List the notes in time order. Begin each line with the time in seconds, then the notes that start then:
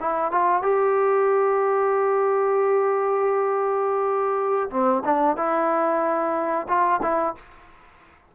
0.00 E4
0.31 F4
0.62 G4
4.70 C4
5.05 D4
5.37 E4
6.68 F4
7.02 E4